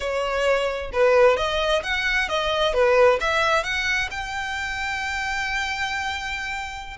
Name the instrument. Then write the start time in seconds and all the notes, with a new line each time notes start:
violin
0.00 C#5
0.93 B4
1.36 D#5
1.83 F#5
2.28 D#5
2.73 B4
3.20 E5
3.63 F#5
4.11 G5